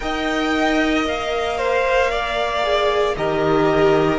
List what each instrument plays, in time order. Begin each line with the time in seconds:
0.00 cello D#4, viola A#4, violin D#5 G5
1.05 cello A#3, violin F5
1.57 violin C5
2.10 violin D5
2.63 viola G#4
3.16 cello D#3, viola G4, violin A#4 D#5